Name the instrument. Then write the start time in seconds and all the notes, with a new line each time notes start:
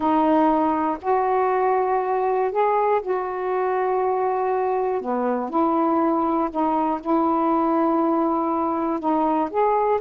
saxophone
0.00 D#4
1.01 F#4
2.51 G#4
3.02 F#4
5.01 B3
5.49 E4
6.50 D#4
7.00 E4
8.99 D#4
9.50 G#4